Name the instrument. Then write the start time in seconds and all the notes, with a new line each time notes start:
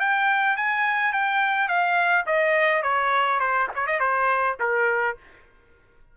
trumpet
0.00 G5
0.57 G#5
1.13 G5
1.68 F5
2.26 D#5
2.83 C#5
3.40 C5
3.75 C#5
3.86 D#5
4.00 C5
4.60 A#4